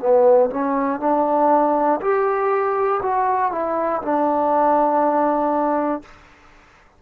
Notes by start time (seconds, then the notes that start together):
0.00 B3
0.50 C#4
1.00 D4
2.00 G4
3.02 F#4
3.52 E4
4.02 D4